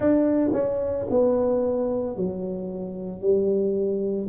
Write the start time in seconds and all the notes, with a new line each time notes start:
0.00 D4
0.53 C#4
1.10 B3
2.16 F#3
3.20 G3